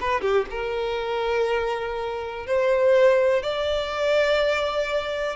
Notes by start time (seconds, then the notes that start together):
0.00 B4
0.21 G4
0.50 A#4
2.46 C5
3.42 D5